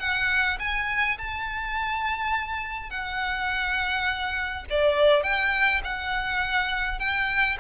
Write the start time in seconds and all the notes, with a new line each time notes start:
0.00 F#5
0.60 G#5
1.19 A5
2.90 F#5
4.71 D5
5.23 G5
5.85 F#5
7.00 G5